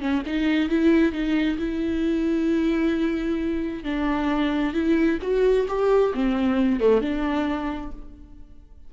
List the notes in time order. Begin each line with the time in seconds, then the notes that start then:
0.00 C#4
0.26 D#4
0.69 E4
1.12 D#4
1.58 E4
3.84 D4
4.73 E4
5.21 F#4
5.68 G4
6.14 C4
6.80 A3
7.01 D4